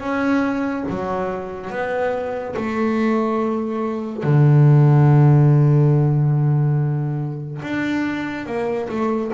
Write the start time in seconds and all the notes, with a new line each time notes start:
0.00 C#4
0.90 F#3
1.70 B3
2.56 A3
4.23 D3
7.62 D4
8.46 A#3
8.89 A3